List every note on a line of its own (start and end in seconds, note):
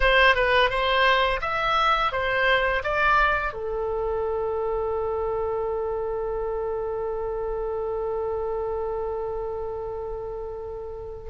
0.00 0.35 C5
0.35 0.70 B4
0.70 1.40 C5
1.41 2.11 E5
2.12 2.82 C5
2.83 3.53 D5
3.53 11.29 A4